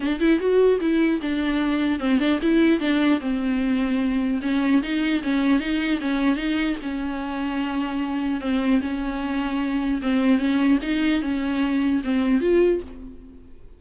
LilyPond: \new Staff \with { instrumentName = "viola" } { \time 4/4 \tempo 4 = 150 d'8 e'8 fis'4 e'4 d'4~ | d'4 c'8 d'8 e'4 d'4 | c'2. cis'4 | dis'4 cis'4 dis'4 cis'4 |
dis'4 cis'2.~ | cis'4 c'4 cis'2~ | cis'4 c'4 cis'4 dis'4 | cis'2 c'4 f'4 | }